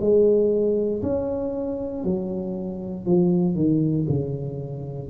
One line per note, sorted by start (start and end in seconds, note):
0.00 1.02 G#3
1.02 2.03 C#4
2.03 3.05 F#3
3.06 3.55 F3
3.55 4.06 D#3
4.09 5.09 C#3